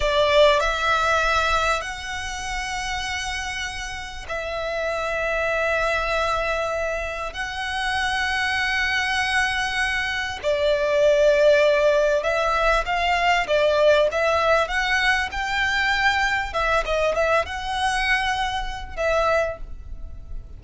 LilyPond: \new Staff \with { instrumentName = "violin" } { \time 4/4 \tempo 4 = 98 d''4 e''2 fis''4~ | fis''2. e''4~ | e''1 | fis''1~ |
fis''4 d''2. | e''4 f''4 d''4 e''4 | fis''4 g''2 e''8 dis''8 | e''8 fis''2~ fis''8 e''4 | }